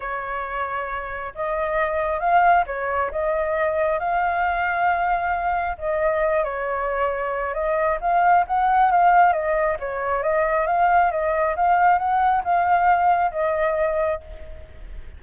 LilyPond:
\new Staff \with { instrumentName = "flute" } { \time 4/4 \tempo 4 = 135 cis''2. dis''4~ | dis''4 f''4 cis''4 dis''4~ | dis''4 f''2.~ | f''4 dis''4. cis''4.~ |
cis''4 dis''4 f''4 fis''4 | f''4 dis''4 cis''4 dis''4 | f''4 dis''4 f''4 fis''4 | f''2 dis''2 | }